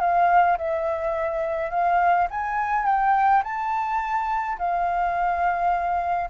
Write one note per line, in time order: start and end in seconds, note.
0.00 0.57 F5
0.58 1.71 E5
1.71 2.28 F5
2.30 2.86 G#5
2.86 3.43 G5
3.44 4.58 A5
4.59 6.30 F5